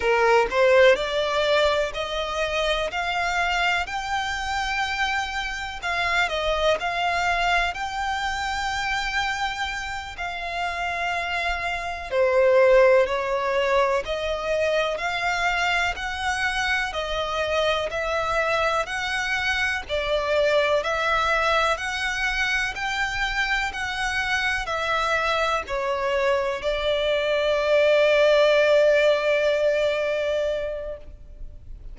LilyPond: \new Staff \with { instrumentName = "violin" } { \time 4/4 \tempo 4 = 62 ais'8 c''8 d''4 dis''4 f''4 | g''2 f''8 dis''8 f''4 | g''2~ g''8 f''4.~ | f''8 c''4 cis''4 dis''4 f''8~ |
f''8 fis''4 dis''4 e''4 fis''8~ | fis''8 d''4 e''4 fis''4 g''8~ | g''8 fis''4 e''4 cis''4 d''8~ | d''1 | }